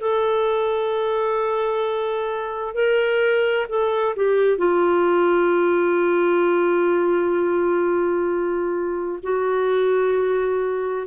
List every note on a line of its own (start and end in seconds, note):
0.00 2.74 A4
2.74 3.66 A#4
3.69 4.15 A4
4.15 4.57 G4
4.57 9.19 F4
9.23 11.07 F#4